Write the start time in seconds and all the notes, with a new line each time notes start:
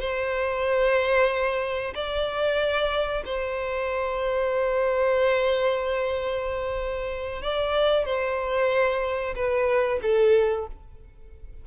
0.00 C5
1.94 D5
3.26 C5
7.42 D5
8.05 C5
9.35 B4
10.02 A4